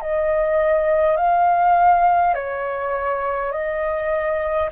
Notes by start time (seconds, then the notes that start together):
0.00 D#5
1.16 F5
2.34 C#5
3.51 D#5